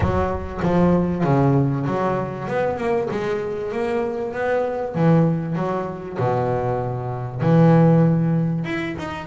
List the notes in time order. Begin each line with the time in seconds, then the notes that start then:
0.00 F#3
0.62 F3
1.24 C#3
1.86 F#3
2.47 B3
2.77 A#3
3.11 G#3
3.71 A#3
4.33 B3
4.95 E3
5.55 F#3
6.18 B2
7.41 E3
8.64 E4
8.98 D#4